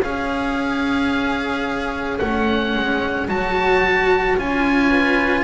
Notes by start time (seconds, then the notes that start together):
0.00 C#4 G#4 C#5 F5
2.19 A3 C#4 F#5
2.75 G#3
3.29 F#3 F#4 A5
4.38 C#4 F4 G#5
4.89 B4